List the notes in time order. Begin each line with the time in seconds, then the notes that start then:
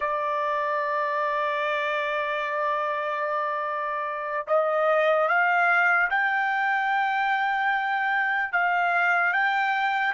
0.00 D5
4.47 D#5
5.28 F5
6.10 G5
8.52 F5
9.32 G5